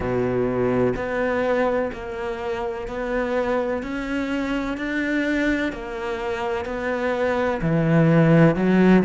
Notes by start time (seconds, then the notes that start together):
0.00 B2
0.95 B3
1.93 A#3
2.87 B3
3.83 C#4
4.77 D4
5.72 A#3
6.65 B3
7.61 E3
8.55 F#3